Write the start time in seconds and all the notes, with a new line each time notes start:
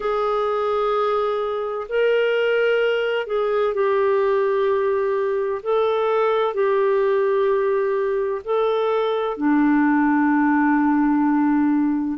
0.00 G#4
1.88 A#4
3.26 G#4
3.74 G4
5.62 A4
6.54 G4
8.44 A4
9.37 D4